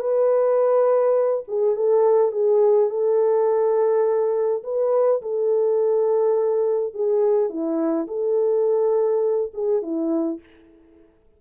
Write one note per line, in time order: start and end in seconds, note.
0.00 1.44 B4
1.48 1.76 G#4
1.76 2.32 A4
2.32 2.90 G#4
2.90 4.63 A4
4.64 5.22 B4
5.22 6.94 A4
6.94 7.50 G#4
7.50 8.07 E4
8.08 9.52 A4
9.54 9.83 G#4
9.83 10.40 E4